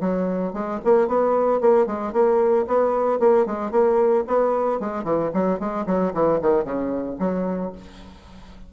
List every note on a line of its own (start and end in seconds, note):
0.00 0.53 F#3
0.53 0.79 G#3
0.84 1.07 A#3
1.07 1.60 B3
1.61 1.86 A#3
1.86 2.13 G#3
2.13 2.66 A#3
2.67 3.20 B3
3.20 3.46 A#3
3.46 3.71 G#3
3.71 4.24 A#3
4.27 4.80 B3
4.80 5.04 G#3
5.04 5.30 E3
5.34 5.59 F#3
5.59 5.86 G#3
5.86 6.13 F#3
6.14 6.40 E3
6.42 6.64 D#3
6.64 7.17 C#3
7.19 7.72 F#3